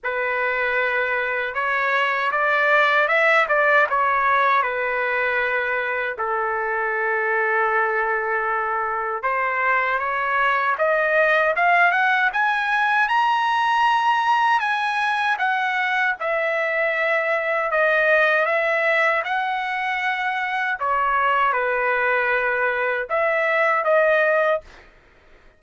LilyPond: \new Staff \with { instrumentName = "trumpet" } { \time 4/4 \tempo 4 = 78 b'2 cis''4 d''4 | e''8 d''8 cis''4 b'2 | a'1 | c''4 cis''4 dis''4 f''8 fis''8 |
gis''4 ais''2 gis''4 | fis''4 e''2 dis''4 | e''4 fis''2 cis''4 | b'2 e''4 dis''4 | }